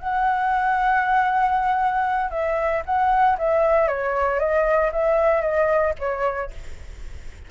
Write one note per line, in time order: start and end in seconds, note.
0.00 2.31 F#5
2.31 2.83 E5
2.86 3.38 F#5
3.39 3.88 E5
3.88 4.40 C#5
4.40 4.91 D#5
4.93 5.42 E5
5.42 5.94 D#5
6.00 6.51 C#5